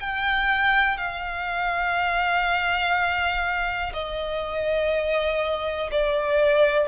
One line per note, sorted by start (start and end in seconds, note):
0.00 0.98 G5
0.98 3.93 F5
3.94 5.91 D#5
5.92 6.88 D5